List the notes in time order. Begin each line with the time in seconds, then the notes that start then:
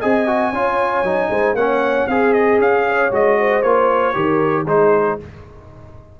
0.00 C4 G#4 D#5 G#5
0.27 F#4
0.52 C#4 F4 C#5
1.03 F#3 D#4
1.30 G#3 C5
1.54 A#3 C#4 C#5 F#5
2.07 C4 G#4 F5
2.33 D#5
2.59 C#4 F5
2.88 C#5
3.11 G#3 F#4 D#5
3.39 C5
3.62 A#3 F4 C#5
4.14 D#3 G4 A#4
4.64 G#3 D#4 G#4 C5